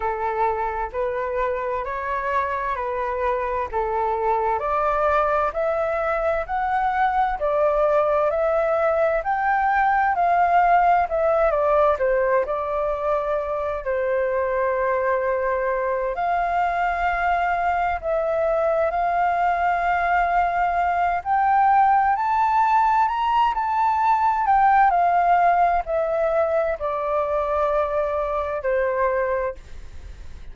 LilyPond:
\new Staff \with { instrumentName = "flute" } { \time 4/4 \tempo 4 = 65 a'4 b'4 cis''4 b'4 | a'4 d''4 e''4 fis''4 | d''4 e''4 g''4 f''4 | e''8 d''8 c''8 d''4. c''4~ |
c''4. f''2 e''8~ | e''8 f''2~ f''8 g''4 | a''4 ais''8 a''4 g''8 f''4 | e''4 d''2 c''4 | }